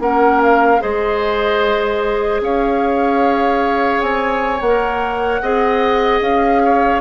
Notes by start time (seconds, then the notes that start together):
0.00 A#3 C#4 A#4 F#5
0.43 F5
0.79 G#3 G#4 C5 D#5
2.41 C#4 C#5 F5
4.01 C4 G#5
4.61 A#3 A#4 F#5
5.42 C4 G#4 D#5
6.21 C#4 F5
6.65 C#5